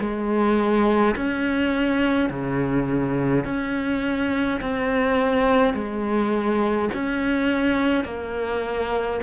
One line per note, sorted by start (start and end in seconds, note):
0.00 1.15 G#3
1.16 2.30 C#4
2.30 3.45 C#3
3.45 4.60 C#4
4.61 5.74 C4
5.74 6.89 G#3
6.94 8.05 C#4
8.05 9.20 A#3